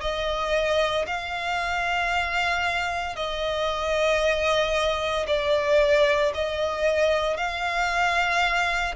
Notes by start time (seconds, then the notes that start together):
0.00 D#5
1.06 F5
3.15 D#5
5.27 D5
6.34 D#5
7.37 F5